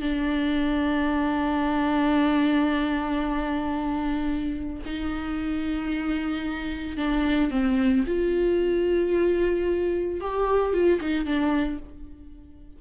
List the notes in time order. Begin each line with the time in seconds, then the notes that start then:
0.00 D4
4.85 D#4
6.96 D4
7.50 C4
8.06 F4
10.20 G4
10.73 F4
11.00 D#4
11.25 D4